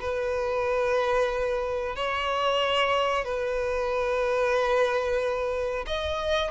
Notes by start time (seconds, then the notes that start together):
0.00 B4
1.95 C#5
3.24 B4
5.86 D#5